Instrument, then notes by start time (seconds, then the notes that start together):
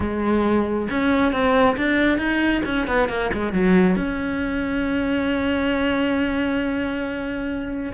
cello
0.00 G#3
0.89 C#4
1.32 C4
1.77 D4
2.17 D#4
2.65 C#4
2.87 B3
3.08 A#3
3.33 G#3
3.53 F#3
3.95 C#4